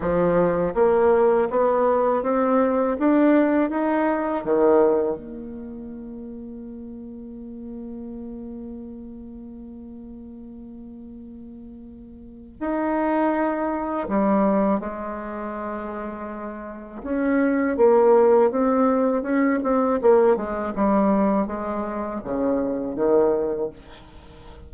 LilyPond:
\new Staff \with { instrumentName = "bassoon" } { \time 4/4 \tempo 4 = 81 f4 ais4 b4 c'4 | d'4 dis'4 dis4 ais4~ | ais1~ | ais1~ |
ais4 dis'2 g4 | gis2. cis'4 | ais4 c'4 cis'8 c'8 ais8 gis8 | g4 gis4 cis4 dis4 | }